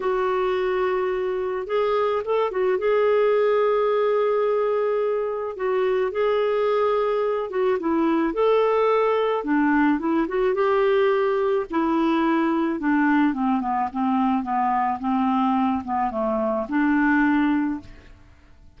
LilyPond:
\new Staff \with { instrumentName = "clarinet" } { \time 4/4 \tempo 4 = 108 fis'2. gis'4 | a'8 fis'8 gis'2.~ | gis'2 fis'4 gis'4~ | gis'4. fis'8 e'4 a'4~ |
a'4 d'4 e'8 fis'8 g'4~ | g'4 e'2 d'4 | c'8 b8 c'4 b4 c'4~ | c'8 b8 a4 d'2 | }